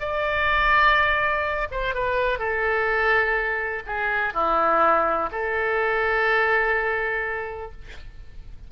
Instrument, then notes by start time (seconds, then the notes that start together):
oboe
0.00 D5
1.71 C5
1.94 B4
2.39 A4
3.86 G#4
4.34 E4
5.32 A4